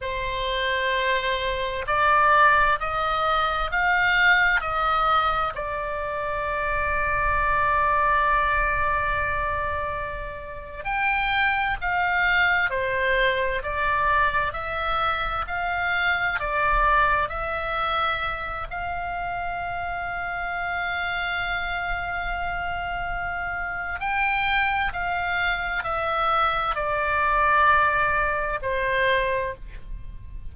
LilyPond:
\new Staff \with { instrumentName = "oboe" } { \time 4/4 \tempo 4 = 65 c''2 d''4 dis''4 | f''4 dis''4 d''2~ | d''2.~ d''8. g''16~ | g''8. f''4 c''4 d''4 e''16~ |
e''8. f''4 d''4 e''4~ e''16~ | e''16 f''2.~ f''8.~ | f''2 g''4 f''4 | e''4 d''2 c''4 | }